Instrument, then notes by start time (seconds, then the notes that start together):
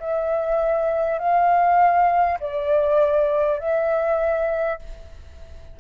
flute
0.00 E5
1.19 F5
2.41 D5
3.59 E5